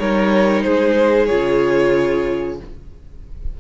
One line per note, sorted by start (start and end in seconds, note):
0.00 0.65 G3
0.00 1.29 D#4
0.00 0.64 A#4
0.00 0.63 C#5
0.63 1.31 G#3
0.63 2.58 G#4
0.63 1.26 C5
1.26 2.61 C#3
1.26 2.59 F4
1.26 2.56 C#5